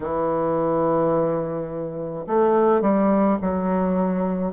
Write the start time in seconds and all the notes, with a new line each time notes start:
0.00 E3
2.26 A3
2.81 G3
3.41 F#3